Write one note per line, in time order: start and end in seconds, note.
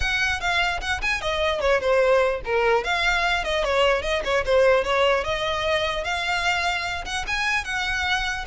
0.00 0.40 F#5
0.40 0.80 F5
0.81 1.01 F#5
1.01 1.21 G#5
1.21 1.60 D#5
1.60 1.80 C#5
1.80 2.41 C5
2.44 2.84 A#4
2.84 3.43 F5
3.43 3.64 D#5
3.64 4.02 C#5
4.02 4.22 D#5
4.24 4.44 C#5
4.45 4.83 C5
4.83 5.23 C#5
5.23 6.04 D#5
6.04 7.04 F5
7.05 7.25 F#5
7.27 7.64 G#5
7.64 8.45 F#5